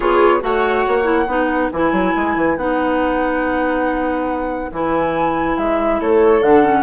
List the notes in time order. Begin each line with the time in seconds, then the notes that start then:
0.00 B3 F4 G#4 C#5
0.40 A3 F#4 C#5 F#5
0.87 A#3
1.03 E4
1.27 B3 D#4 B4
1.71 E3 E4 G#5
1.92 F#3
2.15 G#3
2.36 E3
2.56 B3 D#4 F#5
4.71 E3 E4 G#5
5.57 G#3 E5
6.00 A3 A4 C#5
6.41 D3 D4 F#5
6.64 C#4